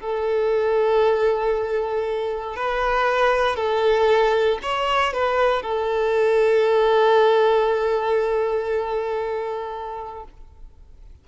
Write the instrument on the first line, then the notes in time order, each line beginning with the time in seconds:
violin
0.00 A4
2.56 B4
3.56 A4
4.63 C#5
5.14 B4
5.63 A4